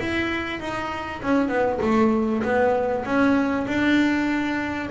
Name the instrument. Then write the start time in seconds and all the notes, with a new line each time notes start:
double bass
0.00 E4
0.60 D#4
1.22 C#4
1.49 B3
1.82 A3
2.43 B3
3.06 C#4
3.68 D4